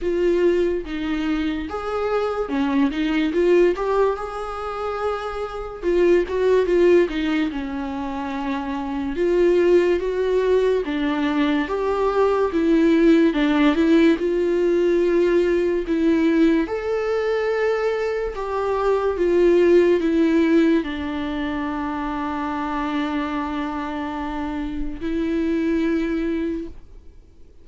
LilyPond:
\new Staff \with { instrumentName = "viola" } { \time 4/4 \tempo 4 = 72 f'4 dis'4 gis'4 cis'8 dis'8 | f'8 g'8 gis'2 f'8 fis'8 | f'8 dis'8 cis'2 f'4 | fis'4 d'4 g'4 e'4 |
d'8 e'8 f'2 e'4 | a'2 g'4 f'4 | e'4 d'2.~ | d'2 e'2 | }